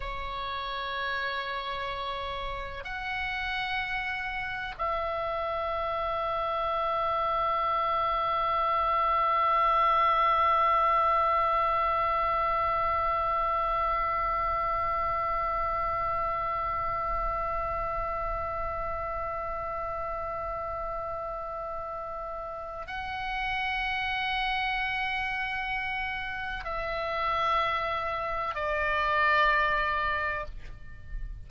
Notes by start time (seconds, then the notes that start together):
0.00 C#5
2.84 F#5
4.78 E5
22.87 F#5
26.64 E5
28.55 D5